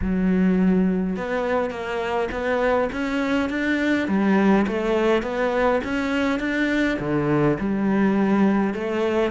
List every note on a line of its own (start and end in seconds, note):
0.01 1.16 F#3
1.16 1.70 B3
1.70 2.28 A#3
2.31 2.89 B3
2.92 3.49 C#4
3.49 4.08 D4
4.08 4.66 G3
4.67 5.22 A3
5.22 5.80 B3
5.84 6.39 C#4
6.39 6.97 D4
6.99 7.57 D3
7.59 8.74 G3
8.74 9.31 A3